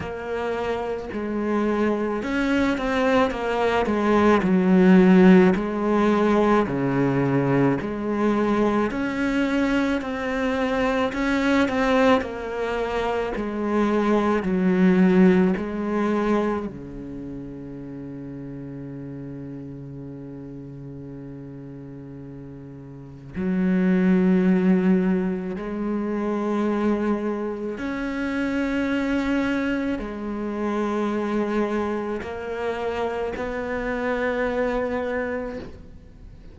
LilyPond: \new Staff \with { instrumentName = "cello" } { \time 4/4 \tempo 4 = 54 ais4 gis4 cis'8 c'8 ais8 gis8 | fis4 gis4 cis4 gis4 | cis'4 c'4 cis'8 c'8 ais4 | gis4 fis4 gis4 cis4~ |
cis1~ | cis4 fis2 gis4~ | gis4 cis'2 gis4~ | gis4 ais4 b2 | }